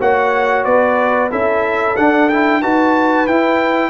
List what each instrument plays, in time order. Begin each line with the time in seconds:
0.00 tuba A#3, trombone F#4, horn C#5, trumpet F#5
0.64 tuba B3, horn B4, trumpet D5
1.30 tuba C#4, trombone E4, horn A4, trumpet E5
1.96 trombone D4, tuba D4, trumpet F#5
2.29 trombone E4, trumpet G5
2.61 tuba D#4, trombone F#4, horn B4, trumpet A5
3.27 tuba E4, trombone E4, trumpet G5